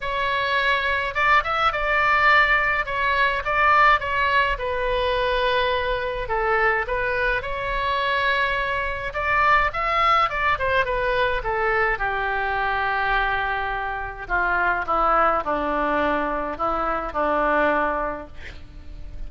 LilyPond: \new Staff \with { instrumentName = "oboe" } { \time 4/4 \tempo 4 = 105 cis''2 d''8 e''8 d''4~ | d''4 cis''4 d''4 cis''4 | b'2. a'4 | b'4 cis''2. |
d''4 e''4 d''8 c''8 b'4 | a'4 g'2.~ | g'4 f'4 e'4 d'4~ | d'4 e'4 d'2 | }